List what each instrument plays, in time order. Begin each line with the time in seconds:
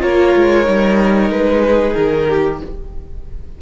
0.00 cello A#3, viola F4, violin A#4 C#5
0.36 cello G#3
0.65 cello G3, viola D#4
1.30 cello G#3, violin B4
1.64 violin G#4
1.94 cello D#3, violin A#4
2.29 violin G4